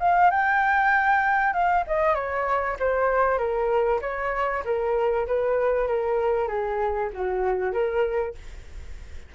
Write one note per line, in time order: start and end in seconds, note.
0.00 0.31 F5
0.31 1.54 G5
1.54 1.84 F5
1.87 2.15 D#5
2.15 2.76 C#5
2.79 3.38 C5
3.38 4.00 A#4
4.01 4.63 C#5
4.65 5.27 A#4
5.27 5.87 B4
5.87 6.48 A#4
6.48 7.10 G#4
7.13 7.73 F#4
7.73 8.34 A#4